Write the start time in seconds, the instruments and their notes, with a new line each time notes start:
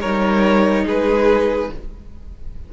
0.00 cello G3, viola D#4, violin A#4 C#5
0.85 cello G#3, violin G#4 B4